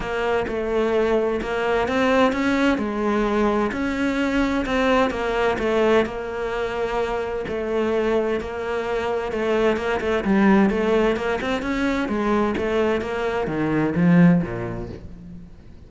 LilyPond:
\new Staff \with { instrumentName = "cello" } { \time 4/4 \tempo 4 = 129 ais4 a2 ais4 | c'4 cis'4 gis2 | cis'2 c'4 ais4 | a4 ais2. |
a2 ais2 | a4 ais8 a8 g4 a4 | ais8 c'8 cis'4 gis4 a4 | ais4 dis4 f4 ais,4 | }